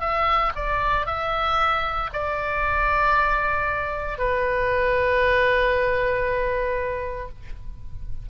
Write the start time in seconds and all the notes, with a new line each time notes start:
0.00 E5
0.55 D5
1.06 E5
2.13 D5
4.18 B4